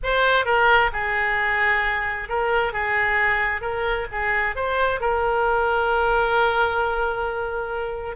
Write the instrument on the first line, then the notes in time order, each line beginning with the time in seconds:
oboe
0.03 C5
0.45 A#4
0.92 G#4
2.29 A#4
2.72 G#4
3.61 A#4
4.11 G#4
4.55 C5
5.00 A#4